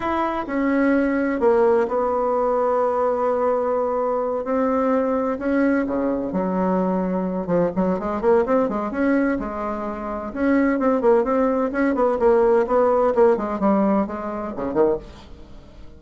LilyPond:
\new Staff \with { instrumentName = "bassoon" } { \time 4/4 \tempo 4 = 128 e'4 cis'2 ais4 | b1~ | b4. c'2 cis'8~ | cis'8 cis4 fis2~ fis8 |
f8 fis8 gis8 ais8 c'8 gis8 cis'4 | gis2 cis'4 c'8 ais8 | c'4 cis'8 b8 ais4 b4 | ais8 gis8 g4 gis4 cis8 dis8 | }